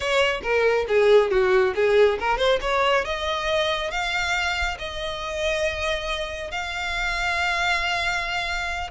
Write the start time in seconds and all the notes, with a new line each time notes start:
0.00 C#5
0.42 A#4
0.87 G#4
1.30 F#4
1.75 G#4
2.19 A#4
2.37 C5
2.61 C#5
3.04 D#5
3.90 F5
4.78 D#5
6.51 F5